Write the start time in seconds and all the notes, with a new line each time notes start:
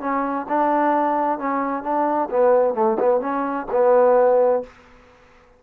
0.00 C#4
0.48 D4
1.38 C#4
1.83 D4
2.30 B3
2.74 A3
2.99 B3
3.20 C#4
3.71 B3